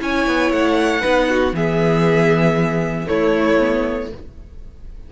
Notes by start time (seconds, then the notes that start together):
0.00 C#4 E4 C#5 G#5
0.27 B3
0.52 A3 F#5
1.01 B3 D#4 B4
1.30 F#4
1.53 E3 B3 G#4 E5
3.07 A3 E4 C#5
3.60 B3